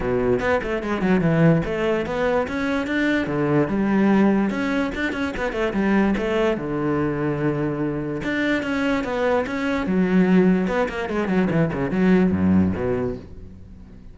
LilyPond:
\new Staff \with { instrumentName = "cello" } { \time 4/4 \tempo 4 = 146 b,4 b8 a8 gis8 fis8 e4 | a4 b4 cis'4 d'4 | d4 g2 cis'4 | d'8 cis'8 b8 a8 g4 a4 |
d1 | d'4 cis'4 b4 cis'4 | fis2 b8 ais8 gis8 fis8 | e8 cis8 fis4 fis,4 b,4 | }